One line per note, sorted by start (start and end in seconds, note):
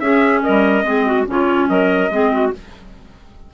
0.00 0.42 C#4
0.00 0.84 C#4
0.00 0.43 G#4
0.00 0.42 E5
0.43 0.83 G3
0.43 0.85 A#4
0.43 1.27 D#5
0.83 1.25 G#3
0.83 1.26 C4
0.83 1.06 G#4
1.06 1.27 F#4
1.26 1.69 C#3
1.26 2.10 C#4
1.26 1.69 F4
1.26 1.69 C#5
1.69 2.10 F#3
1.69 2.11 A#4
1.69 2.53 D#5
2.10 2.52 G#3
2.10 2.53 C4
2.10 2.32 G#4
2.32 2.53 F#4